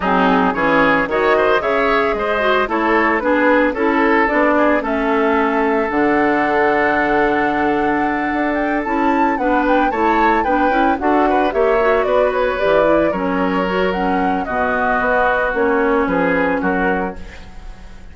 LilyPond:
<<
  \new Staff \with { instrumentName = "flute" } { \time 4/4 \tempo 4 = 112 gis'4 cis''4 dis''4 e''4 | dis''4 cis''4 b'4 a'4 | d''4 e''2 fis''4~ | fis''1 |
g''8 a''4 fis''8 g''8 a''4 g''8~ | g''8 fis''4 e''4 d''8 cis''8 d''8~ | d''8 cis''4. fis''4 dis''4~ | dis''4 cis''4 b'4 ais'4 | }
  \new Staff \with { instrumentName = "oboe" } { \time 4/4 dis'4 gis'4 cis''8 c''8 cis''4 | c''4 a'4 gis'4 a'4~ | a'8 gis'8 a'2.~ | a'1~ |
a'4. b'4 cis''4 b'8~ | b'8 a'8 b'8 cis''4 b'4.~ | b'8 ais'2~ ais'8 fis'4~ | fis'2 gis'4 fis'4 | }
  \new Staff \with { instrumentName = "clarinet" } { \time 4/4 c'4 cis'4 fis'4 gis'4~ | gis'8 fis'8 e'4 d'4 e'4 | d'4 cis'2 d'4~ | d'1~ |
d'8 e'4 d'4 e'4 d'8 | e'8 fis'4 g'8 fis'4. g'8 | e'8 cis'4 fis'8 cis'4 b4~ | b4 cis'2. | }
  \new Staff \with { instrumentName = "bassoon" } { \time 4/4 fis4 e4 dis4 cis4 | gis4 a4 b4 cis'4 | b4 a2 d4~ | d2.~ d8 d'8~ |
d'8 cis'4 b4 a4 b8 | cis'8 d'4 ais4 b4 e8~ | e8 fis2~ fis8 b,4 | b4 ais4 f4 fis4 | }
>>